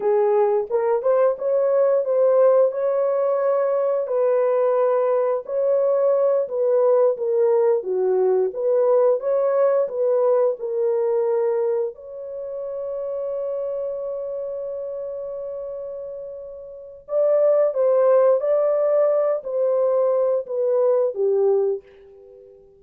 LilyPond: \new Staff \with { instrumentName = "horn" } { \time 4/4 \tempo 4 = 88 gis'4 ais'8 c''8 cis''4 c''4 | cis''2 b'2 | cis''4. b'4 ais'4 fis'8~ | fis'8 b'4 cis''4 b'4 ais'8~ |
ais'4. cis''2~ cis''8~ | cis''1~ | cis''4 d''4 c''4 d''4~ | d''8 c''4. b'4 g'4 | }